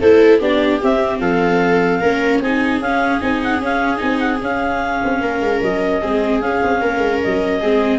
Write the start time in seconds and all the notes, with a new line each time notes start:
0.00 A3 E4 A4 C5
0.39 B3 D4 G4 D5
0.81 C4 E5
1.20 F3 A4 F5
2.01 A#3 C#4 A#4
2.41 C4 D#4 G#4 G#5
2.80 C#4 F5
3.20 C4 D#4 G#5
3.43 F#5
3.60 C#4 F5
3.97 C4 D#4 G#5
4.19 F#5
4.41 C#4 F5
5.04 C4
5.20 A#3 A#4
5.40 G#3
5.62 F#3 D#5
6.02 G#3 C4 G#4
6.40 C#4 F5
6.62 C4
6.81 A#3 A#4
6.98 G#3
7.23 F#3 D#5
7.60 G#3 C4 G#4